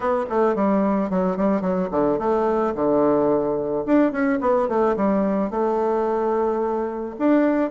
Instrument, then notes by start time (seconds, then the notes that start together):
bassoon
0.00 B3
0.29 A3
0.55 G3
1.09 F#3
1.36 G3
1.61 F#3
1.91 D3
2.19 A3
2.74 D3
3.86 D4
4.11 C#4
4.40 B3
4.68 A3
4.96 G3
5.50 A3
7.19 D4